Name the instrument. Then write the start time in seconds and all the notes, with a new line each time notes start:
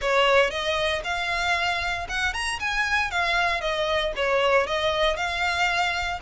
violin
0.01 C#5
0.50 D#5
1.03 F5
2.08 F#5
2.33 A#5
2.59 G#5
3.10 F5
3.61 D#5
4.16 C#5
4.67 D#5
5.16 F5